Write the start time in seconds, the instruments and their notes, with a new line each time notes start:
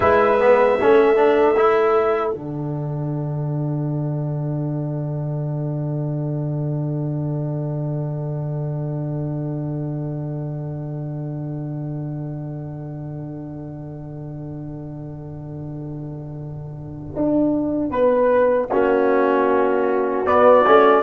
0.00 tuba G#3, trombone E4, horn B4, trumpet E5
0.40 trombone B3
0.77 tuba A3, trombone C#4, horn A4
1.16 trombone D4
1.56 trombone E4
2.31 tuba D3, trombone D4, trumpet F#5
17.16 tuba D4
17.89 tuba B3, horn B4
18.70 tuba A#3, trombone C#4, horn F#4
20.25 tuba B3, trombone B3, trumpet D5
20.66 tuba A3, trombone C#4